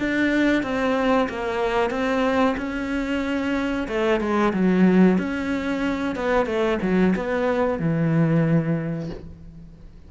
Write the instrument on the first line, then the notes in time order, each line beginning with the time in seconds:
cello
0.00 D4
0.63 C4
1.30 A#3
1.91 C4
2.58 C#4
3.88 A3
4.21 G#3
4.54 F#3
5.18 C#4
6.16 B3
6.46 A3
6.82 F#3
7.16 B3
7.80 E3